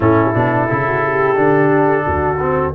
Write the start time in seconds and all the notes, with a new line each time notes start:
0.00 A2 C#4 E4 A4
0.34 B2 D4
0.69 C#3 E4
0.86 F#4
1.03 G4
1.35 D3 D4
2.05 D2 F#4
2.39 C4